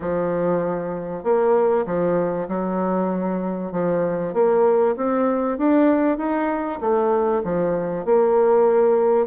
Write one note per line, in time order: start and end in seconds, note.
0.00 1.23 F3
1.23 1.85 A#3
1.86 2.47 F3
2.48 3.72 F#3
3.72 4.33 F3
4.33 4.95 A#3
4.96 5.58 C4
5.58 6.17 D4
6.17 6.79 D#4
6.80 7.42 A3
7.44 8.05 F3
8.05 9.26 A#3